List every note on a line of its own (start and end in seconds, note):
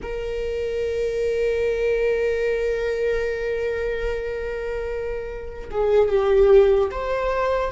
0.02 5.69 A#4
5.70 6.08 G#4
6.08 6.90 G4
6.90 7.71 C5